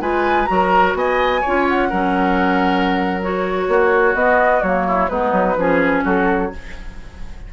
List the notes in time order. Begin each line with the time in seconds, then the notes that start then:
0.00 G#3 F4 B4 G#5
0.45 F#3 F#4 A#5
0.52 A#4
0.94 B3 D#5 G#5
1.41 F4 C#5
1.47 C#4
1.68 F#5
1.89 F#3 C#4 A#4
3.22 F#4 C#5
3.68 A#3 F#4
4.14 B3 D#5
4.62 F#3 A#3 C#5
4.87 E4
5.09 G#3 B3 D#4 B4
5.32 F#3
5.57 F3 C#4 G#4
6.04 F#3 F#4 A4